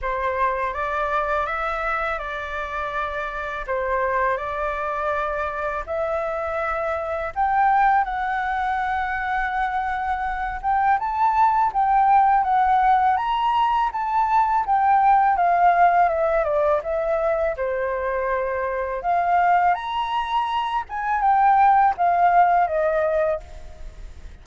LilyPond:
\new Staff \with { instrumentName = "flute" } { \time 4/4 \tempo 4 = 82 c''4 d''4 e''4 d''4~ | d''4 c''4 d''2 | e''2 g''4 fis''4~ | fis''2~ fis''8 g''8 a''4 |
g''4 fis''4 ais''4 a''4 | g''4 f''4 e''8 d''8 e''4 | c''2 f''4 ais''4~ | ais''8 gis''8 g''4 f''4 dis''4 | }